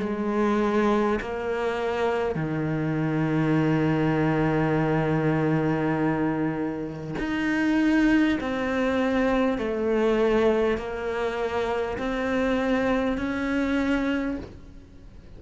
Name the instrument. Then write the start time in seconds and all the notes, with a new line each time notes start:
cello
0.00 G#3
1.21 A#3
2.36 D#3
7.19 D#4
8.41 C4
9.58 A3
10.78 A#3
11.98 C4
13.18 C#4